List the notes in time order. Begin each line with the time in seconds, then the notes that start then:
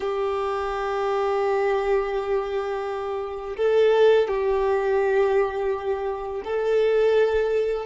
0.00 G4
3.56 A4
4.28 G4
6.44 A4